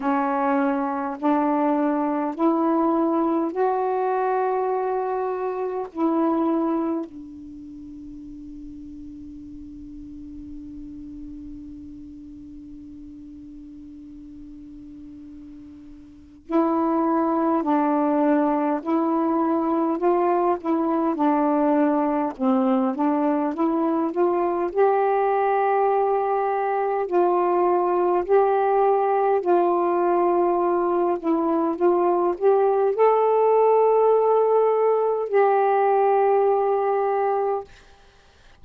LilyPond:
\new Staff \with { instrumentName = "saxophone" } { \time 4/4 \tempo 4 = 51 cis'4 d'4 e'4 fis'4~ | fis'4 e'4 d'2~ | d'1~ | d'2 e'4 d'4 |
e'4 f'8 e'8 d'4 c'8 d'8 | e'8 f'8 g'2 f'4 | g'4 f'4. e'8 f'8 g'8 | a'2 g'2 | }